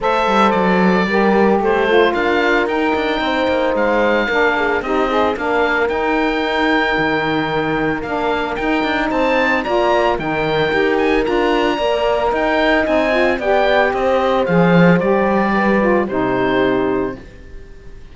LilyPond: <<
  \new Staff \with { instrumentName = "oboe" } { \time 4/4 \tempo 4 = 112 e''4 d''2 c''4 | f''4 g''2 f''4~ | f''4 dis''4 f''4 g''4~ | g''2. f''4 |
g''4 a''4 ais''4 g''4~ | g''8 gis''8 ais''2 g''4 | gis''4 g''4 dis''4 f''4 | d''2 c''2 | }
  \new Staff \with { instrumentName = "horn" } { \time 4/4 c''2 ais'4 a'4 | ais'2 c''2 | ais'8 gis'8 g'8 dis'8 ais'2~ | ais'1~ |
ais'4 c''4 d''4 ais'4~ | ais'2 d''4 dis''4~ | dis''4 d''4 c''2~ | c''4 b'4 g'2 | }
  \new Staff \with { instrumentName = "saxophone" } { \time 4/4 a'2 g'4. f'8~ | f'4 dis'2. | d'4 dis'8 gis'8 d'4 dis'4~ | dis'2. d'4 |
dis'2 f'4 dis'4 | g'4 f'4 ais'2 | dis'8 f'8 g'2 gis'4 | g'4. f'8 dis'2 | }
  \new Staff \with { instrumentName = "cello" } { \time 4/4 a8 g8 fis4 g4 a4 | d'4 dis'8 d'8 c'8 ais8 gis4 | ais4 c'4 ais4 dis'4~ | dis'4 dis2 ais4 |
dis'8 d'8 c'4 ais4 dis4 | dis'4 d'4 ais4 dis'4 | c'4 b4 c'4 f4 | g2 c2 | }
>>